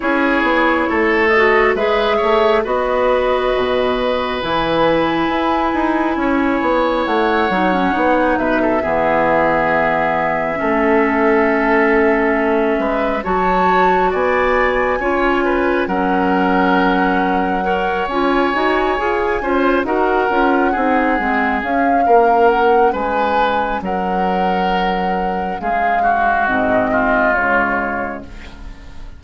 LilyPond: <<
  \new Staff \with { instrumentName = "flute" } { \time 4/4 \tempo 4 = 68 cis''4. dis''8 e''4 dis''4~ | dis''4 gis''2. | fis''4. e''2~ e''8~ | e''2. a''4 |
gis''2 fis''2~ | fis''8 gis''2 fis''4.~ | fis''8 f''4 fis''8 gis''4 fis''4~ | fis''4 f''4 dis''4 cis''4 | }
  \new Staff \with { instrumentName = "oboe" } { \time 4/4 gis'4 a'4 b'8 cis''8 b'4~ | b'2. cis''4~ | cis''4. b'16 a'16 gis'2 | a'2~ a'8 b'8 cis''4 |
d''4 cis''8 b'8 ais'2 | cis''2 c''8 ais'4 gis'8~ | gis'4 ais'4 b'4 ais'4~ | ais'4 gis'8 fis'4 f'4. | }
  \new Staff \with { instrumentName = "clarinet" } { \time 4/4 e'4. fis'8 gis'4 fis'4~ | fis'4 e'2.~ | e'8 dis'16 cis'16 dis'4 b2 | cis'2. fis'4~ |
fis'4 f'4 cis'2 | ais'8 f'8 fis'8 gis'8 f'8 fis'8 f'8 dis'8 | c'8 cis'2.~ cis'8~ | cis'2 c'4 gis4 | }
  \new Staff \with { instrumentName = "bassoon" } { \time 4/4 cis'8 b8 a4 gis8 a8 b4 | b,4 e4 e'8 dis'8 cis'8 b8 | a8 fis8 b8 b,8 e2 | a2~ a8 gis8 fis4 |
b4 cis'4 fis2~ | fis8 cis'8 dis'8 f'8 cis'8 dis'8 cis'8 c'8 | gis8 cis'8 ais4 gis4 fis4~ | fis4 gis4 gis,4 cis4 | }
>>